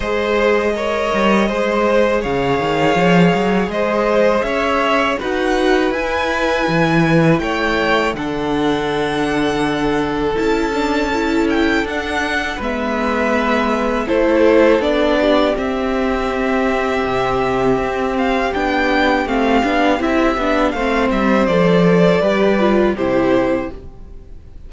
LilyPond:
<<
  \new Staff \with { instrumentName = "violin" } { \time 4/4 \tempo 4 = 81 dis''2. f''4~ | f''4 dis''4 e''4 fis''4 | gis''2 g''4 fis''4~ | fis''2 a''4. g''8 |
fis''4 e''2 c''4 | d''4 e''2.~ | e''8 f''8 g''4 f''4 e''4 | f''8 e''8 d''2 c''4 | }
  \new Staff \with { instrumentName = "violin" } { \time 4/4 c''4 cis''4 c''4 cis''4~ | cis''4 c''4 cis''4 b'4~ | b'2 cis''4 a'4~ | a'1~ |
a'4 b'2 a'4~ | a'8 g'2.~ g'8~ | g'1 | c''2 b'4 g'4 | }
  \new Staff \with { instrumentName = "viola" } { \time 4/4 gis'4 ais'4 gis'2~ | gis'2. fis'4 | e'2. d'4~ | d'2 e'8 d'8 e'4 |
d'4 b2 e'4 | d'4 c'2.~ | c'4 d'4 c'8 d'8 e'8 d'8 | c'4 a'4 g'8 f'8 e'4 | }
  \new Staff \with { instrumentName = "cello" } { \time 4/4 gis4. g8 gis4 cis8 dis8 | f8 fis8 gis4 cis'4 dis'4 | e'4 e4 a4 d4~ | d2 cis'2 |
d'4 gis2 a4 | b4 c'2 c4 | c'4 b4 a8 b8 c'8 b8 | a8 g8 f4 g4 c4 | }
>>